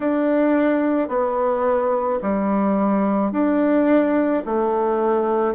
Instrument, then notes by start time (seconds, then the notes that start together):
bassoon
0.00 D4
1.08 B3
2.22 G3
3.32 D4
4.45 A3